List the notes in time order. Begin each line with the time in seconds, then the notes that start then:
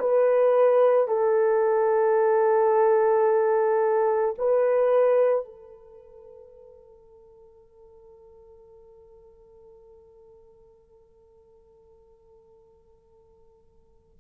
0.00 B4
1.08 A4
4.38 B4
5.45 A4